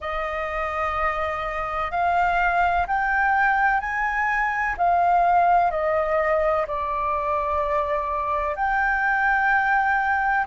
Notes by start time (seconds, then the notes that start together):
0.00 D#5
1.90 F5
2.87 G5
3.80 G#5
4.77 F5
5.71 D#5
6.67 D5
8.55 G5